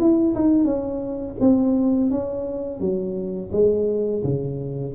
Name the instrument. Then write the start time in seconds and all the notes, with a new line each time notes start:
tuba
0.00 E4
0.35 D#4
0.65 C#4
1.41 C4
2.11 C#4
2.80 F#3
3.53 G#3
4.24 C#3